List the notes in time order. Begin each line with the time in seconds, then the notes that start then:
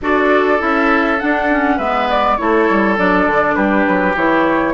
0.01 D4 F#4 A4 D5
0.58 C#4 E4 E5
1.19 D4 F#5
1.50 C#4
1.76 G#3 B3 B4 E5
2.09 D5
2.37 A3 E4 A4 C#5
2.69 G3
2.96 F#3 D4 D5
3.26 D3
3.55 G3 G4 B4
3.87 F#3
4.15 E3 E4 C#5